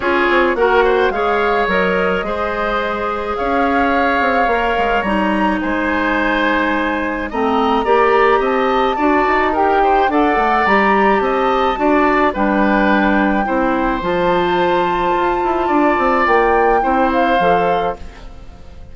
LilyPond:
<<
  \new Staff \with { instrumentName = "flute" } { \time 4/4 \tempo 4 = 107 cis''4 fis''4 f''4 dis''4~ | dis''2 f''2~ | f''4 ais''4 gis''2~ | gis''4 ais''2 a''4~ |
a''4 g''4 fis''4 ais''4 | a''2 g''2~ | g''4 a''2.~ | a''4 g''4. f''4. | }
  \new Staff \with { instrumentName = "oboe" } { \time 4/4 gis'4 ais'8 c''8 cis''2 | c''2 cis''2~ | cis''2 c''2~ | c''4 dis''4 d''4 dis''4 |
d''4 ais'8 c''8 d''2 | dis''4 d''4 b'2 | c''1 | d''2 c''2 | }
  \new Staff \with { instrumentName = "clarinet" } { \time 4/4 f'4 fis'4 gis'4 ais'4 | gis'1 | ais'4 dis'2.~ | dis'4 c'4 g'2 |
fis'4 g'4 a'4 g'4~ | g'4 fis'4 d'2 | e'4 f'2.~ | f'2 e'4 a'4 | }
  \new Staff \with { instrumentName = "bassoon" } { \time 4/4 cis'8 c'8 ais4 gis4 fis4 | gis2 cis'4. c'8 | ais8 gis8 g4 gis2~ | gis4 a4 ais4 c'4 |
d'8 dis'4. d'8 a8 g4 | c'4 d'4 g2 | c'4 f2 f'8 e'8 | d'8 c'8 ais4 c'4 f4 | }
>>